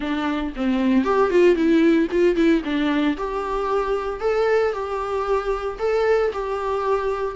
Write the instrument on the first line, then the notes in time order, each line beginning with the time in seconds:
viola
0.00 D4
0.56 C4
1.04 G4
1.30 F4
1.55 E4
2.11 F4
2.35 E4
2.64 D4
3.17 G4
4.20 A4
4.72 G4
5.78 A4
6.33 G4